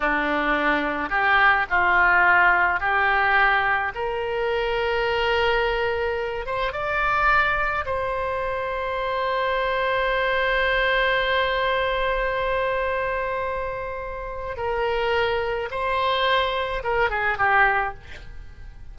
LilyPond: \new Staff \with { instrumentName = "oboe" } { \time 4/4 \tempo 4 = 107 d'2 g'4 f'4~ | f'4 g'2 ais'4~ | ais'2.~ ais'8 c''8 | d''2 c''2~ |
c''1~ | c''1~ | c''2 ais'2 | c''2 ais'8 gis'8 g'4 | }